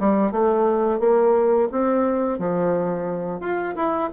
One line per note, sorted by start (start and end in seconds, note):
0.00 0.32 G3
0.32 1.00 A3
1.00 1.69 A#3
1.72 2.39 C4
2.39 3.41 F3
3.41 3.75 F4
3.76 4.10 E4